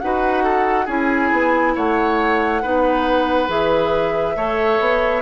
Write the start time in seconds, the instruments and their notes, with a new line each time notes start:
0.00 bassoon D#4, clarinet F#4, oboe B4, flute F#5
0.44 oboe A4
0.86 bassoon C#4, clarinet E4, oboe G#4, flute G#5
1.32 bassoon B3
1.76 bassoon A3, oboe C#5, flute F#5
2.62 bassoon B3, clarinet D#4, oboe B4
3.49 bassoon E3, clarinet G#4, flute E5
4.36 bassoon A3, clarinet A4, oboe C#5
4.80 bassoon B3